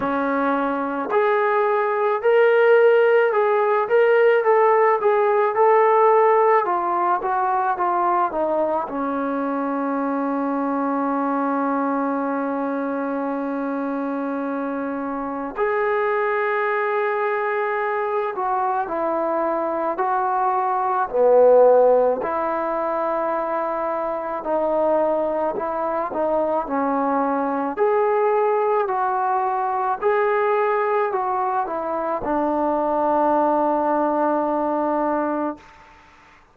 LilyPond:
\new Staff \with { instrumentName = "trombone" } { \time 4/4 \tempo 4 = 54 cis'4 gis'4 ais'4 gis'8 ais'8 | a'8 gis'8 a'4 f'8 fis'8 f'8 dis'8 | cis'1~ | cis'2 gis'2~ |
gis'8 fis'8 e'4 fis'4 b4 | e'2 dis'4 e'8 dis'8 | cis'4 gis'4 fis'4 gis'4 | fis'8 e'8 d'2. | }